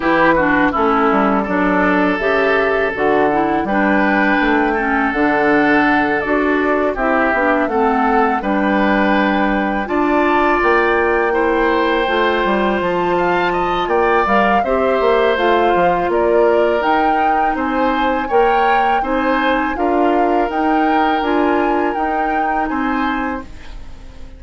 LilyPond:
<<
  \new Staff \with { instrumentName = "flute" } { \time 4/4 \tempo 4 = 82 b'4 a'4 d''4 e''4 | fis''4 g''2 fis''4~ | fis''8 d''4 e''4 fis''4 g''8~ | g''4. a''4 g''4.~ |
g''4. a''4. g''8 f''8 | e''4 f''4 d''4 g''4 | gis''4 g''4 gis''4 f''4 | g''4 gis''4 g''4 gis''4 | }
  \new Staff \with { instrumentName = "oboe" } { \time 4/4 g'8 fis'8 e'4 a'2~ | a'4 b'4. a'4.~ | a'4. g'4 a'4 b'8~ | b'4. d''2 c''8~ |
c''2 f''8 dis''8 d''4 | c''2 ais'2 | c''4 cis''4 c''4 ais'4~ | ais'2. c''4 | }
  \new Staff \with { instrumentName = "clarinet" } { \time 4/4 e'8 d'8 cis'4 d'4 g'4 | fis'8 e'8 d'4. cis'8 d'4~ | d'8 fis'4 e'8 d'8 c'4 d'8~ | d'4. f'2 e'8~ |
e'8 f'2. ais'8 | g'4 f'2 dis'4~ | dis'4 ais'4 dis'4 f'4 | dis'4 f'4 dis'2 | }
  \new Staff \with { instrumentName = "bassoon" } { \time 4/4 e4 a8 g8 fis4 cis4 | d4 g4 a4 d4~ | d8 d'4 c'8 b8 a4 g8~ | g4. d'4 ais4.~ |
ais8 a8 g8 f4. ais8 g8 | c'8 ais8 a8 f8 ais4 dis'4 | c'4 ais4 c'4 d'4 | dis'4 d'4 dis'4 c'4 | }
>>